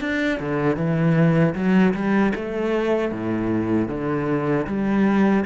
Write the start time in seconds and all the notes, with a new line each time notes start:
0.00 D4
0.39 D3
0.76 E3
1.54 F#3
1.94 G3
2.35 A3
3.11 A2
3.88 D3
4.66 G3